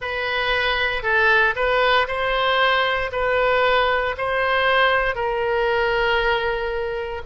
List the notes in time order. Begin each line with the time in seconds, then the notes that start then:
0.01 B4
1.03 A4
1.55 B4
2.07 C5
3.12 B4
4.17 C5
5.15 A#4